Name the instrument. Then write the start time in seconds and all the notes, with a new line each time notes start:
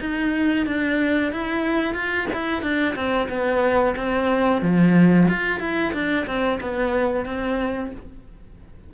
cello
0.00 D#4
0.66 D4
1.32 E4
1.94 F4
2.33 E4
2.62 D4
2.95 C4
3.29 B3
3.96 C4
4.62 F3
5.28 F4
5.60 E4
5.93 D4
6.26 C4
6.61 B3
7.25 C4